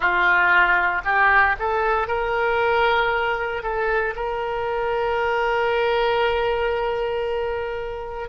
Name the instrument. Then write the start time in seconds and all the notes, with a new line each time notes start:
oboe
0.00 F4
1.04 G4
1.58 A4
2.07 A#4
3.62 A4
4.15 A#4